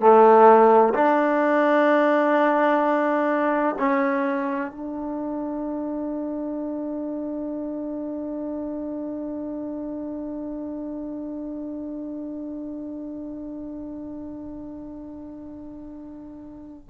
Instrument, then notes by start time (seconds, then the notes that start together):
trombone
0.00 A3
0.94 D4
3.78 C#4
4.71 D4